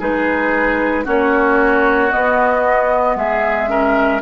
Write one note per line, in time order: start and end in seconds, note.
0.00 1.07 G#3
0.00 1.05 D#4
0.00 1.05 G#4
0.00 1.06 B4
1.05 2.13 A#3
1.05 2.11 C#4
1.05 3.16 F#4
1.05 2.12 C#5
2.12 3.68 B3
2.12 3.16 B3
2.12 3.17 D#5
3.16 4.21 G#3
3.16 3.70 G#4
3.16 4.23 E5
3.68 4.21 C#4
3.68 4.23 A#4